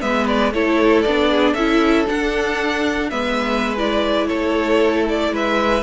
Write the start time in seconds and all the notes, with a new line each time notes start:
0.00 G#3 B3 B4 E5
0.27 D5
0.53 A3 E4 A4 C#5
1.02 B3 D4 D5
1.30 G#4
1.53 C#4 E4 A4 E5
2.06 D4 F#5
3.10 G#3 B3 B4 E5
3.78 E4 D5
4.27 A3 A4 C#5
5.09 D5
5.31 G#3 B4 E5